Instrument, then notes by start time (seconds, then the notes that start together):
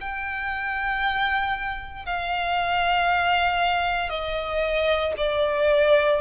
violin
0.00 G5
2.05 F5
4.09 D#5
5.17 D5